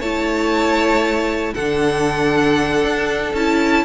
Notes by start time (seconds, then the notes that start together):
0.00 A3 E4 C#5 A5
1.54 D3 D4 A4 F#5
2.85 D4
3.33 C#4 E4 A5